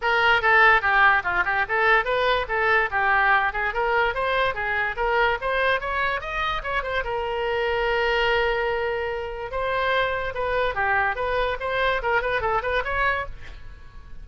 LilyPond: \new Staff \with { instrumentName = "oboe" } { \time 4/4 \tempo 4 = 145 ais'4 a'4 g'4 f'8 g'8 | a'4 b'4 a'4 g'4~ | g'8 gis'8 ais'4 c''4 gis'4 | ais'4 c''4 cis''4 dis''4 |
cis''8 c''8 ais'2.~ | ais'2. c''4~ | c''4 b'4 g'4 b'4 | c''4 ais'8 b'8 a'8 b'8 cis''4 | }